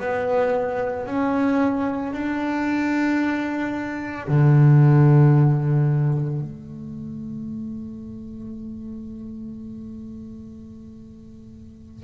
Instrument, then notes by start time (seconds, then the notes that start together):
double bass
0.00 B3
1.06 C#4
2.13 D4
4.28 D3
6.40 A3